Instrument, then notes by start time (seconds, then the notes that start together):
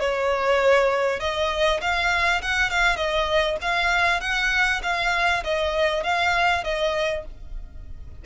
violin
0.00 C#5
1.20 D#5
1.81 F5
2.42 F#5
2.71 F5
2.96 D#5
3.61 F5
4.21 F#5
4.83 F5
5.44 D#5
6.04 F5
6.64 D#5